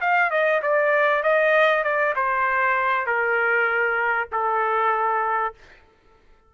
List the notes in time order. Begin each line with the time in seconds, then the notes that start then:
0.00 F5
0.30 D#5
0.62 D5
1.22 D#5
1.83 D5
2.15 C5
3.06 A#4
4.31 A4